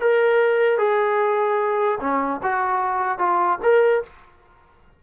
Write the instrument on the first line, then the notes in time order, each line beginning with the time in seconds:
trombone
0.00 A#4
0.78 G#4
2.00 C#4
2.43 F#4
3.18 F4
3.62 A#4